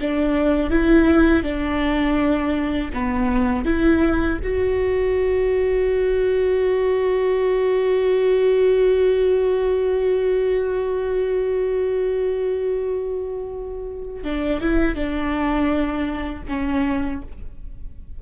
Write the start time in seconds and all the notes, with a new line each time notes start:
0.00 D4
0.70 E4
1.43 D4
2.93 B3
3.65 E4
4.43 F#4
14.23 D4
14.60 E4
14.95 D4
16.48 C#4